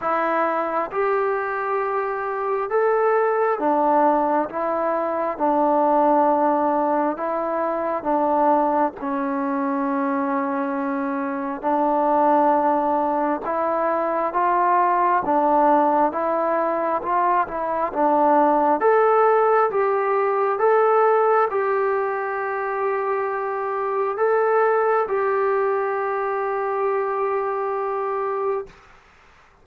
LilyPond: \new Staff \with { instrumentName = "trombone" } { \time 4/4 \tempo 4 = 67 e'4 g'2 a'4 | d'4 e'4 d'2 | e'4 d'4 cis'2~ | cis'4 d'2 e'4 |
f'4 d'4 e'4 f'8 e'8 | d'4 a'4 g'4 a'4 | g'2. a'4 | g'1 | }